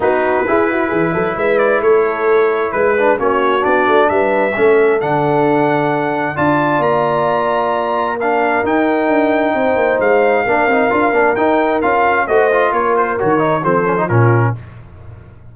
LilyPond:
<<
  \new Staff \with { instrumentName = "trumpet" } { \time 4/4 \tempo 4 = 132 b'2. e''8 d''8 | cis''2 b'4 cis''4 | d''4 e''2 fis''4~ | fis''2 a''4 ais''4~ |
ais''2 f''4 g''4~ | g''2 f''2~ | f''4 g''4 f''4 dis''4 | cis''8 c''8 cis''4 c''4 ais'4 | }
  \new Staff \with { instrumentName = "horn" } { \time 4/4 fis'4 gis'8 fis'8 gis'8 a'8 b'4 | a'2 b'4 fis'4~ | fis'4 b'4 a'2~ | a'2 d''2~ |
d''2 ais'2~ | ais'4 c''2 ais'4~ | ais'2. c''4 | ais'2 a'4 f'4 | }
  \new Staff \with { instrumentName = "trombone" } { \time 4/4 dis'4 e'2.~ | e'2~ e'8 d'8 cis'4 | d'2 cis'4 d'4~ | d'2 f'2~ |
f'2 d'4 dis'4~ | dis'2. d'8 dis'8 | f'8 d'8 dis'4 f'4 fis'8 f'8~ | f'4 fis'8 dis'8 c'8 cis'16 dis'16 cis'4 | }
  \new Staff \with { instrumentName = "tuba" } { \time 4/4 b4 e'4 e8 fis8 gis4 | a2 gis4 ais4 | b8 a8 g4 a4 d4~ | d2 d'4 ais4~ |
ais2. dis'4 | d'4 c'8 ais8 gis4 ais8 c'8 | d'8 ais8 dis'4 cis'4 a4 | ais4 dis4 f4 ais,4 | }
>>